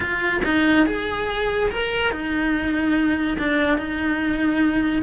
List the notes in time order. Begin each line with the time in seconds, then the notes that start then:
0.00 F4
0.44 D#4
0.86 G#4
1.71 A#4
2.11 D#4
3.38 D4
3.77 D#4